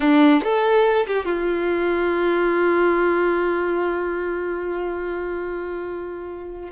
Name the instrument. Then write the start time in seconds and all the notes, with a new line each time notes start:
violin
0.00 D4
0.43 A4
1.07 G4
1.25 F4